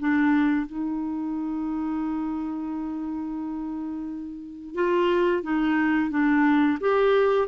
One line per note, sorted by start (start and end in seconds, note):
0.00 0.67 D4
0.67 4.75 D#4
4.75 5.43 F4
5.43 6.11 D#4
6.11 6.79 D4
6.81 7.48 G4